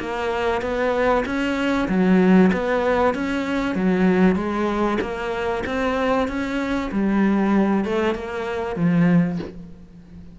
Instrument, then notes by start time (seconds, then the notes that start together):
cello
0.00 A#3
0.62 B3
1.26 C#4
1.89 F#3
2.53 B3
3.15 C#4
3.76 F#3
4.36 G#3
5.02 A#3
5.66 C4
6.28 C#4
6.92 G3
7.85 A3
8.15 A#3
8.77 F3